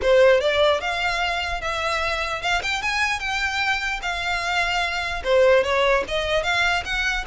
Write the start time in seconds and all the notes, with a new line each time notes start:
0.01 C5
0.40 D5
0.80 F5
1.61 E5
2.42 F5
2.62 G5
2.82 G#5
3.19 G5
4.02 F5
5.24 C5
5.63 C#5
6.08 D#5
6.43 F5
6.84 F#5